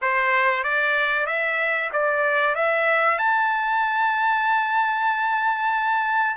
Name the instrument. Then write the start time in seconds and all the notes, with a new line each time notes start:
trumpet
0.01 C5
0.63 D5
1.26 E5
1.92 D5
2.55 E5
3.18 A5